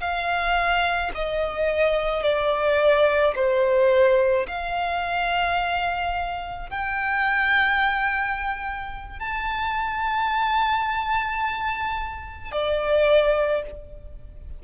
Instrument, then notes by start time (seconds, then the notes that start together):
violin
0.00 F5
1.14 D#5
2.23 D5
3.35 C5
4.47 F5
6.69 G5
9.19 A5
12.52 D5